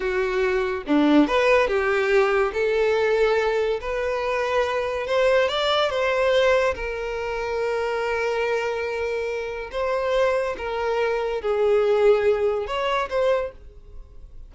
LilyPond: \new Staff \with { instrumentName = "violin" } { \time 4/4 \tempo 4 = 142 fis'2 d'4 b'4 | g'2 a'2~ | a'4 b'2. | c''4 d''4 c''2 |
ais'1~ | ais'2. c''4~ | c''4 ais'2 gis'4~ | gis'2 cis''4 c''4 | }